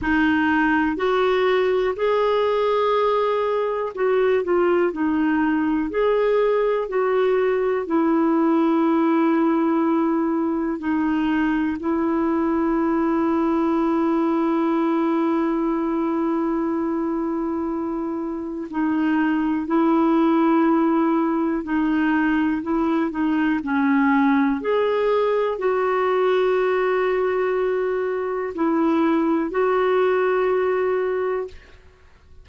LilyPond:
\new Staff \with { instrumentName = "clarinet" } { \time 4/4 \tempo 4 = 61 dis'4 fis'4 gis'2 | fis'8 f'8 dis'4 gis'4 fis'4 | e'2. dis'4 | e'1~ |
e'2. dis'4 | e'2 dis'4 e'8 dis'8 | cis'4 gis'4 fis'2~ | fis'4 e'4 fis'2 | }